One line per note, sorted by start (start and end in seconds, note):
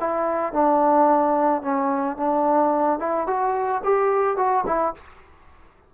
0.00 0.53 E4
0.53 1.62 D4
1.62 2.17 C#4
2.17 2.99 D4
2.99 3.27 E4
3.27 3.82 F#4
3.84 4.37 G4
4.37 4.64 F#4
4.66 4.94 E4